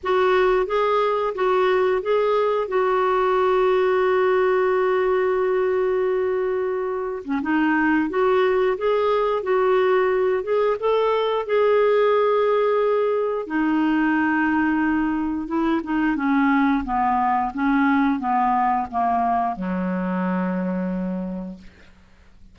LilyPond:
\new Staff \with { instrumentName = "clarinet" } { \time 4/4 \tempo 4 = 89 fis'4 gis'4 fis'4 gis'4 | fis'1~ | fis'2~ fis'8. cis'16 dis'4 | fis'4 gis'4 fis'4. gis'8 |
a'4 gis'2. | dis'2. e'8 dis'8 | cis'4 b4 cis'4 b4 | ais4 fis2. | }